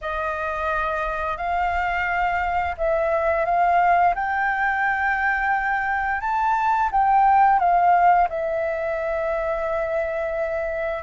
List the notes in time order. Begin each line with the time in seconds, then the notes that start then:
0.01 D#5
1.37 F5
2.77 E5
3.45 F5
4.14 G5
6.20 A5
6.91 G5
7.59 F5
8.29 E5